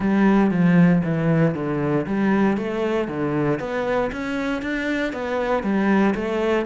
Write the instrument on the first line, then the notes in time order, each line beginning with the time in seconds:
cello
0.00 G3
0.51 F3
1.04 E3
1.54 D3
2.06 G3
2.57 A3
3.08 D3
3.59 B3
4.12 C#4
4.62 D4
5.12 B3
5.63 G3
6.14 A3